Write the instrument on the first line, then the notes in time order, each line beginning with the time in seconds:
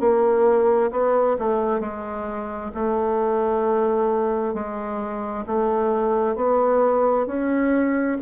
bassoon
0.00 A#3
0.92 B3
1.39 A3
1.81 G#3
2.75 A3
4.54 G#3
5.47 A3
6.36 B3
7.27 C#4